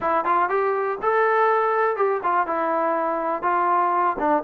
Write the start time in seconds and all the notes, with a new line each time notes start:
0.00 E4
0.25 F4
0.49 G4
1.02 A4
1.96 G4
2.23 F4
2.47 E4
3.42 F4
4.18 D4